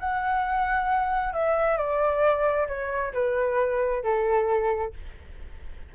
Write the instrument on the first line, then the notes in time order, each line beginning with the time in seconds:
flute
0.00 F#5
1.33 E5
1.77 D5
2.68 C#5
3.14 B4
4.04 A4